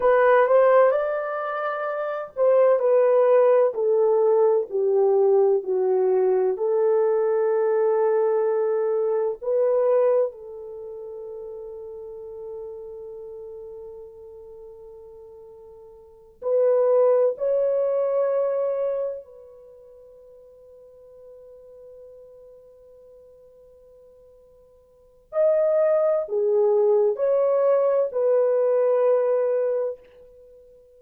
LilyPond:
\new Staff \with { instrumentName = "horn" } { \time 4/4 \tempo 4 = 64 b'8 c''8 d''4. c''8 b'4 | a'4 g'4 fis'4 a'4~ | a'2 b'4 a'4~ | a'1~ |
a'4. b'4 cis''4.~ | cis''8 b'2.~ b'8~ | b'2. dis''4 | gis'4 cis''4 b'2 | }